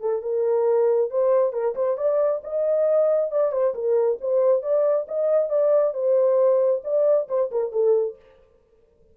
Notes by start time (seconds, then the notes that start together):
0.00 A4
0.22 A#4
1.10 C5
1.52 A#4
1.75 C5
1.97 D5
2.43 D#5
3.31 D5
3.52 C5
3.74 A#4
4.20 C5
4.62 D5
5.08 D#5
5.49 D5
5.93 C5
6.83 D5
7.28 C5
7.51 A#4
7.72 A4